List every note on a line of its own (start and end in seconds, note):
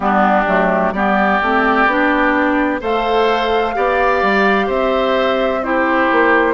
0.00 0.45 G3
0.00 0.45 B3
0.00 0.94 D4
0.00 0.91 G4
0.46 0.92 F#3
0.46 0.94 A3
0.91 1.39 G3
0.91 1.41 B3
0.91 2.80 G4
0.91 2.79 D5
1.41 1.86 A3
1.41 1.88 C4
1.86 2.80 B3
1.86 2.80 D4
2.80 3.75 A3
2.80 3.74 A4
2.80 3.74 C5
2.80 4.70 F5
3.74 4.22 B3
3.74 5.61 G4
3.74 4.66 D5
4.22 4.68 G3
4.66 6.08 C4
4.66 5.60 C5
4.66 5.63 E5
5.63 6.54 E4
5.63 6.54 G4
5.63 6.54 C5
6.11 6.54 A#3